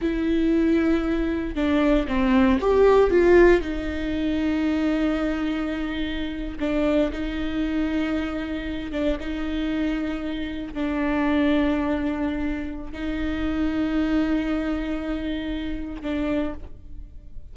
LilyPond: \new Staff \with { instrumentName = "viola" } { \time 4/4 \tempo 4 = 116 e'2. d'4 | c'4 g'4 f'4 dis'4~ | dis'1~ | dis'8. d'4 dis'2~ dis'16~ |
dis'4~ dis'16 d'8 dis'2~ dis'16~ | dis'8. d'2.~ d'16~ | d'4 dis'2.~ | dis'2. d'4 | }